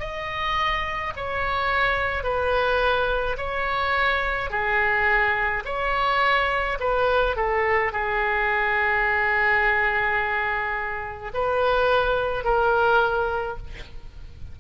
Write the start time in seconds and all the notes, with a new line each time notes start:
0.00 D#5
1.17 C#5
2.24 B4
3.38 C#5
4.50 G#4
5.66 C#5
6.80 B4
7.37 A4
7.92 G#4
11.35 B4
12.45 A#4